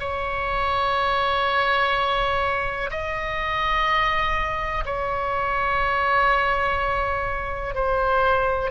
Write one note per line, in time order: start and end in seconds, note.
0.00 2.90 C#5
2.91 4.84 D#5
4.85 7.75 C#5
7.75 8.71 C5